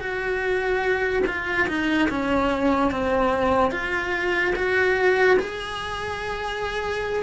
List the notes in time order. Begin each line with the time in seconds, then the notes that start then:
0.00 F#4
1.26 F4
1.68 D#4
2.09 C#4
2.91 C4
3.71 F4
4.55 F#4
5.39 G#4